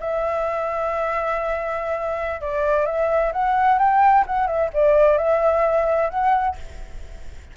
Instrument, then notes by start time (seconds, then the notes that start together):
flute
0.00 E5
2.41 D5
2.86 E5
3.33 F#5
3.78 G5
4.27 F#5
4.47 E5
4.73 D5
5.18 E5
6.09 F#5